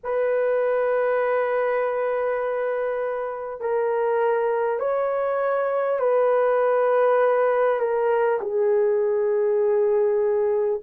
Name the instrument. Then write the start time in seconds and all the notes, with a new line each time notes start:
horn
0.03 B4
3.60 A#4
4.79 C#5
5.99 B4
7.79 A#4
8.40 G#4